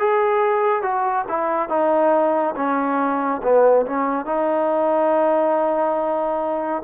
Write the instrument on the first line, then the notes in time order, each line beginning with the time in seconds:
trombone
0.00 G#4
0.83 F#4
1.29 E4
1.69 D#4
2.56 C#4
3.43 B3
3.86 C#4
4.26 D#4